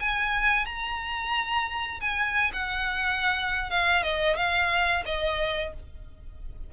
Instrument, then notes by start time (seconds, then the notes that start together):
violin
0.00 G#5
0.66 A#5
2.01 G#5
2.53 F#5
3.70 F5
4.03 D#5
4.37 F5
5.06 D#5